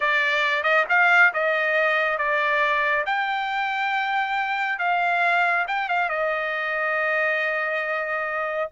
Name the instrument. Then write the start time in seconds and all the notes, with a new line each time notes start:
trumpet
0.00 D5
0.63 D#5
0.89 F5
1.33 D#5
2.17 D5
3.06 G5
4.78 F5
5.67 G5
5.89 F5
6.09 D#5